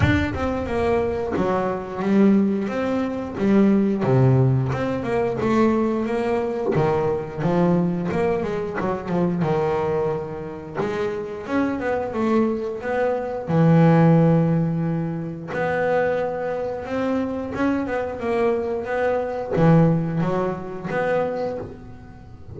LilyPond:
\new Staff \with { instrumentName = "double bass" } { \time 4/4 \tempo 4 = 89 d'8 c'8 ais4 fis4 g4 | c'4 g4 c4 c'8 ais8 | a4 ais4 dis4 f4 | ais8 gis8 fis8 f8 dis2 |
gis4 cis'8 b8 a4 b4 | e2. b4~ | b4 c'4 cis'8 b8 ais4 | b4 e4 fis4 b4 | }